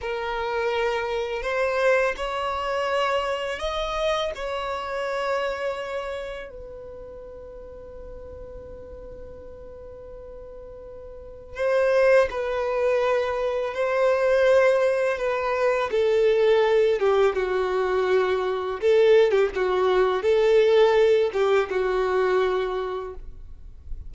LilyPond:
\new Staff \with { instrumentName = "violin" } { \time 4/4 \tempo 4 = 83 ais'2 c''4 cis''4~ | cis''4 dis''4 cis''2~ | cis''4 b'2.~ | b'1 |
c''4 b'2 c''4~ | c''4 b'4 a'4. g'8 | fis'2 a'8. g'16 fis'4 | a'4. g'8 fis'2 | }